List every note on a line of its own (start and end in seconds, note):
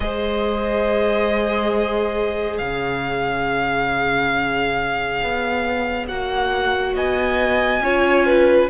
0.00 2.59 G#3
0.00 6.08 G#4
0.00 2.61 C5
0.00 2.57 D#5
2.57 5.22 C#3
2.57 6.95 C#5
2.57 6.05 F5
5.23 6.09 B3
6.07 6.95 A#3
6.07 7.82 F#4
6.07 6.94 F#5
6.95 7.80 B3
6.95 7.82 D#5
6.95 8.69 G#5
7.80 8.67 C#4
7.80 8.69 F4
7.80 8.26 C#5
8.26 8.69 B4